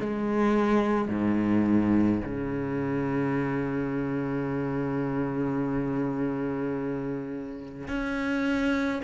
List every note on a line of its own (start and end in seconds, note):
0.00 1.08 G#3
1.08 2.21 G#2
2.25 7.88 C#3
7.88 9.01 C#4